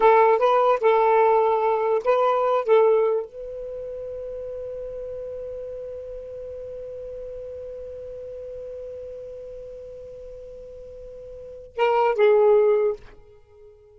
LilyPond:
\new Staff \with { instrumentName = "saxophone" } { \time 4/4 \tempo 4 = 148 a'4 b'4 a'2~ | a'4 b'4. a'4. | b'1~ | b'1~ |
b'1~ | b'1~ | b'1~ | b'4 ais'4 gis'2 | }